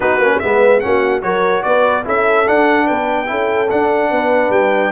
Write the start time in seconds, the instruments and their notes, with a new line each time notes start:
0.00 tuba B3, trombone D#4, horn F#4, trumpet B4
0.18 tuba A#3, trombone C#4
0.39 tuba G#3, trombone B3, horn B4, trumpet E5
0.80 tuba A#3, trombone C#4, horn F#4, trumpet F#5
1.22 tuba F#3, trombone F#4, horn A#4, trumpet C#5
1.62 tuba B3, horn B4, trumpet D5
2.04 tuba C#4, trombone E4, horn A4, trumpet E5
2.46 trombone D4, tuba D4, trumpet F#5
2.85 tuba B3, horn B4, trumpet G5
3.26 tuba C#4, trombone E4, horn A4
3.70 trombone D4, tuba D4, trumpet F#5
4.10 tuba B3, horn B4
4.49 tuba G3, trumpet G5